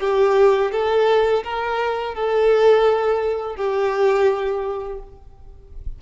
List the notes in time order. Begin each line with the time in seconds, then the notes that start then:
0.00 G4
0.72 A4
1.44 A#4
2.15 A4
3.56 G4